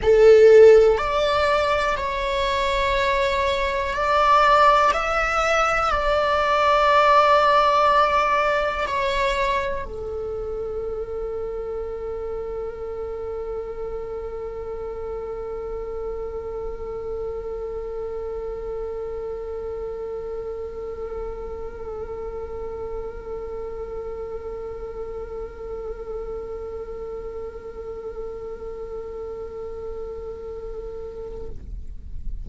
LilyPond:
\new Staff \with { instrumentName = "viola" } { \time 4/4 \tempo 4 = 61 a'4 d''4 cis''2 | d''4 e''4 d''2~ | d''4 cis''4 a'2~ | a'1~ |
a'1~ | a'1~ | a'1~ | a'1 | }